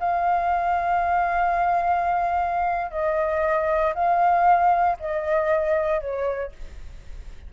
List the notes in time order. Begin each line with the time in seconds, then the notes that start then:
0.00 F5
2.91 D#5
3.95 F5
5.00 D#5
6.00 C#5